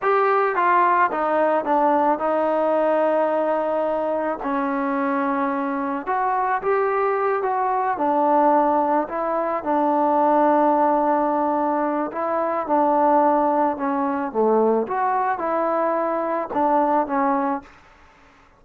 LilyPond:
\new Staff \with { instrumentName = "trombone" } { \time 4/4 \tempo 4 = 109 g'4 f'4 dis'4 d'4 | dis'1 | cis'2. fis'4 | g'4. fis'4 d'4.~ |
d'8 e'4 d'2~ d'8~ | d'2 e'4 d'4~ | d'4 cis'4 a4 fis'4 | e'2 d'4 cis'4 | }